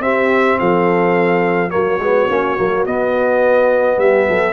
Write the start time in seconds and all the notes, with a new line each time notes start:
0.00 C4 G4 E5
0.59 F3 A4 F5
1.70 F#3 A#3 F#4 C#5
1.99 G#3 B3
2.29 A#3 C#4
2.57 F#3 A#3
2.85 B3 D#5
3.97 G3 G4 E5
4.28 F#3 A4